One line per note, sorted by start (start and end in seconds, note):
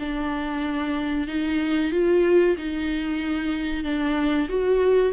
0.00 1.28 D4
1.28 1.92 D#4
1.92 2.57 F4
2.57 3.84 D#4
3.84 4.49 D4
4.49 5.13 F#4